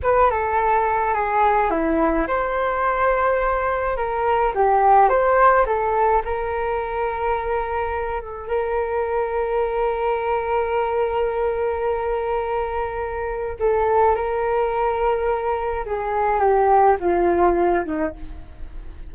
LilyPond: \new Staff \with { instrumentName = "flute" } { \time 4/4 \tempo 4 = 106 b'8 a'4. gis'4 e'4 | c''2. ais'4 | g'4 c''4 a'4 ais'4~ | ais'2~ ais'8 a'8 ais'4~ |
ais'1~ | ais'1 | a'4 ais'2. | gis'4 g'4 f'4. dis'8 | }